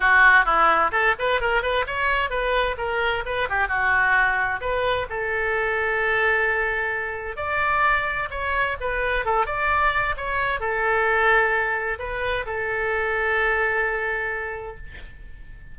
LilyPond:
\new Staff \with { instrumentName = "oboe" } { \time 4/4 \tempo 4 = 130 fis'4 e'4 a'8 b'8 ais'8 b'8 | cis''4 b'4 ais'4 b'8 g'8 | fis'2 b'4 a'4~ | a'1 |
d''2 cis''4 b'4 | a'8 d''4. cis''4 a'4~ | a'2 b'4 a'4~ | a'1 | }